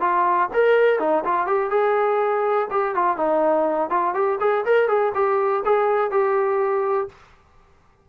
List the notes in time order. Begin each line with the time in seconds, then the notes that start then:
0.00 F4
0.53 A#4
0.99 D#4
1.24 F4
1.46 G4
1.70 G#4
2.71 G4
2.95 F4
3.17 D#4
3.90 F4
4.14 G4
4.40 G#4
4.65 A#4
4.88 G#4
5.14 G4
5.65 G#4
6.11 G4